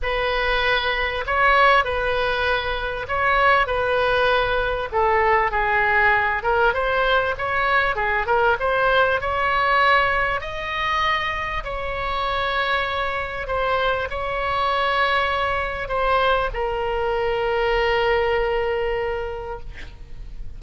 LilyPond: \new Staff \with { instrumentName = "oboe" } { \time 4/4 \tempo 4 = 98 b'2 cis''4 b'4~ | b'4 cis''4 b'2 | a'4 gis'4. ais'8 c''4 | cis''4 gis'8 ais'8 c''4 cis''4~ |
cis''4 dis''2 cis''4~ | cis''2 c''4 cis''4~ | cis''2 c''4 ais'4~ | ais'1 | }